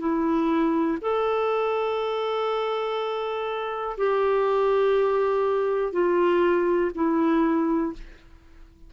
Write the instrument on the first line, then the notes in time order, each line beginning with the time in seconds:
clarinet
0.00 E4
1.02 A4
3.98 G4
5.93 F4
6.95 E4